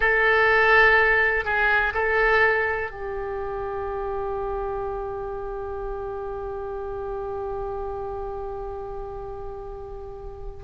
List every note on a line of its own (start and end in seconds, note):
0.00 1.45 A4
1.45 1.93 G#4
1.94 2.90 A4
2.90 10.63 G4